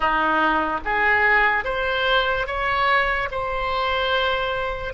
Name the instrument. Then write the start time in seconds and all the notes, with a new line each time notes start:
oboe
0.00 D#4
0.84 G#4
1.64 C5
2.46 C#5
3.31 C5